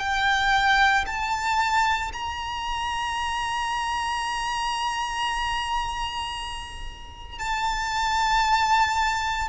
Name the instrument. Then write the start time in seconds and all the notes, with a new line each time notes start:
violin
0.00 G5
1.07 A5
2.13 A#5
7.39 A5